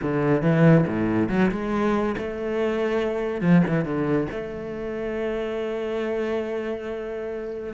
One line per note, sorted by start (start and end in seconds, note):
0.01 0.42 D3
0.42 0.85 E3
0.87 1.29 A2
1.29 1.50 F#3
1.51 2.15 G#3
2.17 3.41 A3
3.41 3.62 F3
3.67 3.84 E3
3.84 4.27 D3
4.31 7.73 A3